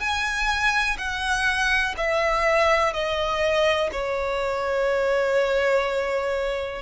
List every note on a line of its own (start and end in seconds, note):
0.00 0.97 G#5
0.98 1.94 F#5
1.97 2.93 E5
2.93 3.90 D#5
3.92 6.82 C#5